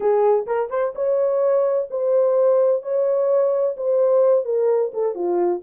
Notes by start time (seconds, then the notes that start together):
0.00 G#4
0.46 A#4
0.70 C5
0.95 C#5
1.90 C5
2.82 C#5
3.76 C5
4.44 A#4
4.93 A4
5.14 F4